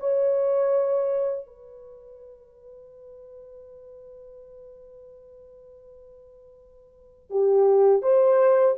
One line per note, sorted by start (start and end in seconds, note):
0.00 1.46 C#5
1.46 7.30 B4
7.30 8.02 G4
8.02 8.75 C5